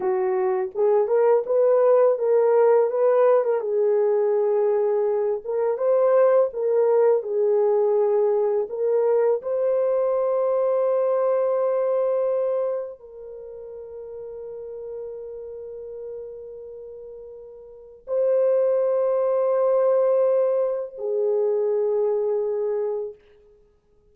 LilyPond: \new Staff \with { instrumentName = "horn" } { \time 4/4 \tempo 4 = 83 fis'4 gis'8 ais'8 b'4 ais'4 | b'8. ais'16 gis'2~ gis'8 ais'8 | c''4 ais'4 gis'2 | ais'4 c''2.~ |
c''2 ais'2~ | ais'1~ | ais'4 c''2.~ | c''4 gis'2. | }